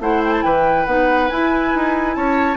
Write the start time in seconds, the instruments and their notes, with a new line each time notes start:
0.00 bassoon A3, clarinet E4, oboe C5, flute F#5
0.24 flute G5
0.32 flute A5
0.43 bassoon E3, oboe B4, flute G5
0.86 bassoon B3, clarinet D#4, flute F#5
1.29 clarinet E4, bassoon E4, flute G#5
1.75 bassoon D#4
2.15 bassoon C#4, oboe C#5, flute A5